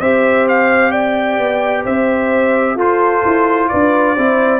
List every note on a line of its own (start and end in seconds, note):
0.00 1.38 C4
0.00 2.78 G4
0.00 0.91 C5
0.00 0.47 E5
0.48 0.91 F5
0.91 1.83 D5
0.91 1.83 G5
1.38 1.85 B3
1.83 2.75 C4
1.83 2.75 C5
1.83 2.78 E5
2.75 3.22 F4
2.75 4.17 F4
2.75 3.67 A4
2.75 3.69 C5
3.25 3.71 E4
3.69 4.17 D4
3.69 4.15 B4
3.69 4.60 D5
4.15 4.60 C4
4.15 4.60 E4
4.15 4.60 C5